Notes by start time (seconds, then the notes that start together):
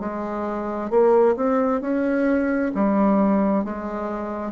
0.00 G#3
0.90 A#3
1.36 C4
1.81 C#4
2.75 G3
3.64 G#3